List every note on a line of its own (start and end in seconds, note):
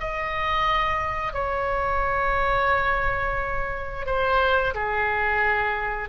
0.00 1.34 D#5
1.34 4.06 C#5
4.06 4.74 C5
4.75 6.09 G#4